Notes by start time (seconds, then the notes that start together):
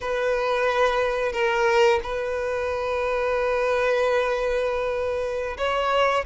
0.00 B4
1.32 A#4
2.03 B4
5.57 C#5